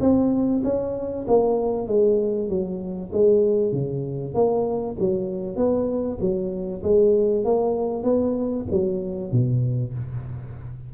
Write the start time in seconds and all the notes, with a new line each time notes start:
0.00 C4
0.64 C#4
1.27 A#3
1.87 G#3
2.49 F#3
3.12 G#3
3.72 C#3
4.34 A#3
4.99 F#3
5.56 B3
6.20 F#3
6.83 G#3
7.44 A#3
8.03 B3
8.71 F#3
9.31 B2